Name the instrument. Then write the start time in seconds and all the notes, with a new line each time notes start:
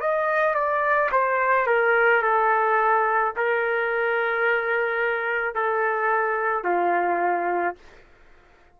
trumpet
0.00 D#5
0.55 D5
1.11 C5
1.67 A#4
2.22 A4
3.36 A#4
5.55 A4
6.64 F4